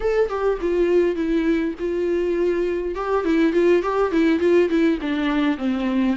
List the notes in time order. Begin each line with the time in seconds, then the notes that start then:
0.00 A4
0.29 G4
0.61 F4
1.15 E4
1.79 F4
2.95 G4
3.25 E4
3.52 F4
3.82 G4
4.11 E4
4.39 F4
4.69 E4
5.01 D4
5.57 C4